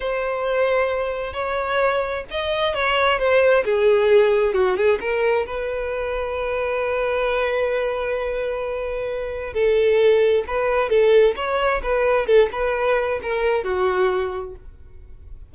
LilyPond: \new Staff \with { instrumentName = "violin" } { \time 4/4 \tempo 4 = 132 c''2. cis''4~ | cis''4 dis''4 cis''4 c''4 | gis'2 fis'8 gis'8 ais'4 | b'1~ |
b'1~ | b'4 a'2 b'4 | a'4 cis''4 b'4 a'8 b'8~ | b'4 ais'4 fis'2 | }